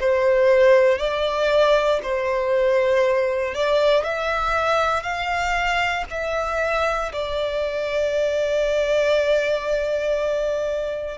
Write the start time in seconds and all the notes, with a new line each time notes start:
0.00 C5
0.98 D5
2.03 C5
3.55 D5
4.04 E5
5.03 F5
6.11 E5
7.12 D5